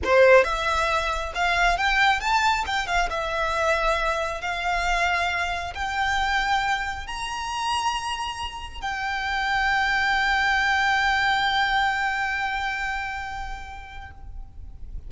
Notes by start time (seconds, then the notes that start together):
0.04 C5
0.44 E5
1.35 F5
1.77 G5
2.20 A5
2.66 G5
2.87 F5
3.10 E5
4.41 F5
5.74 G5
7.06 A#5
8.81 G5